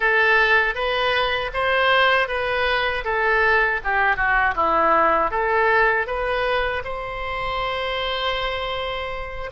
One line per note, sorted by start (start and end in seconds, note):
0.00 0.75 A4
0.75 1.51 B4
1.53 2.28 C5
2.28 3.04 B4
3.04 3.80 A4
3.84 4.16 G4
4.16 4.54 F#4
4.55 5.30 E4
5.30 6.06 A4
6.07 6.83 B4
6.84 9.50 C5